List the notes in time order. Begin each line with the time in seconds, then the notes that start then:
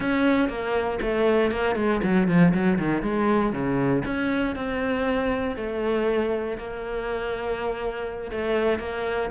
0.00 C#4
0.48 A#3
1.01 A3
1.51 A#3
1.75 G#3
2.03 F#3
2.28 F3
2.54 F#3
2.78 D#3
3.02 G#3
3.52 C#3
4.05 C#4
4.55 C4
5.56 A3
6.57 A#3
8.31 A3
8.79 A#3